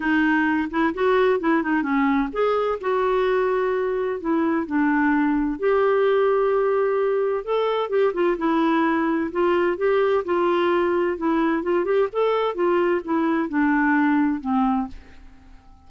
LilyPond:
\new Staff \with { instrumentName = "clarinet" } { \time 4/4 \tempo 4 = 129 dis'4. e'8 fis'4 e'8 dis'8 | cis'4 gis'4 fis'2~ | fis'4 e'4 d'2 | g'1 |
a'4 g'8 f'8 e'2 | f'4 g'4 f'2 | e'4 f'8 g'8 a'4 f'4 | e'4 d'2 c'4 | }